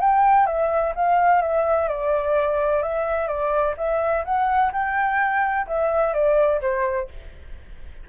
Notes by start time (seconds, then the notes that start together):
0.00 G5
0.46 E5
0.95 F5
1.41 E5
1.88 D5
2.82 E5
3.27 D5
3.77 E5
4.24 F#5
4.72 G5
5.67 E5
6.13 D5
6.61 C5